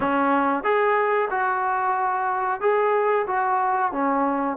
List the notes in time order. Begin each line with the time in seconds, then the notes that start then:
0.00 C#4
0.63 G#4
1.30 F#4
2.60 G#4
3.26 F#4
3.91 C#4